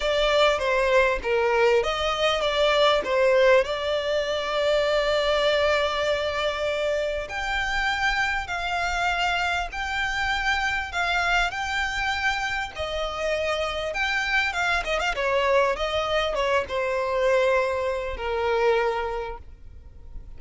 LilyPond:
\new Staff \with { instrumentName = "violin" } { \time 4/4 \tempo 4 = 99 d''4 c''4 ais'4 dis''4 | d''4 c''4 d''2~ | d''1 | g''2 f''2 |
g''2 f''4 g''4~ | g''4 dis''2 g''4 | f''8 dis''16 f''16 cis''4 dis''4 cis''8 c''8~ | c''2 ais'2 | }